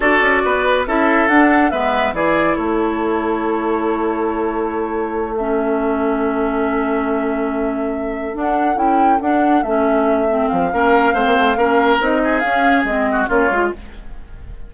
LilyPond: <<
  \new Staff \with { instrumentName = "flute" } { \time 4/4 \tempo 4 = 140 d''2 e''4 fis''4 | e''4 d''4 cis''2~ | cis''1~ | cis''8 e''2.~ e''8~ |
e''2.~ e''8 fis''8~ | fis''8 g''4 fis''4 e''4.~ | e''8 f''2.~ f''8 | dis''4 f''4 dis''4 cis''4 | }
  \new Staff \with { instrumentName = "oboe" } { \time 4/4 a'4 b'4 a'2 | b'4 gis'4 a'2~ | a'1~ | a'1~ |
a'1~ | a'1~ | a'4 ais'4 c''4 ais'4~ | ais'8 gis'2 fis'8 f'4 | }
  \new Staff \with { instrumentName = "clarinet" } { \time 4/4 fis'2 e'4 d'4 | b4 e'2.~ | e'1~ | e'8 cis'2.~ cis'8~ |
cis'2.~ cis'8 d'8~ | d'8 e'4 d'4 cis'4. | c'4 cis'4 c'4 cis'4 | dis'4 cis'4 c'4 cis'8 f'8 | }
  \new Staff \with { instrumentName = "bassoon" } { \time 4/4 d'8 cis'8 b4 cis'4 d'4 | gis4 e4 a2~ | a1~ | a1~ |
a2.~ a8 d'8~ | d'8 cis'4 d'4 a4.~ | a8 f8 ais4 a16 ais16 a8 ais4 | c'4 cis'4 gis4 ais8 gis8 | }
>>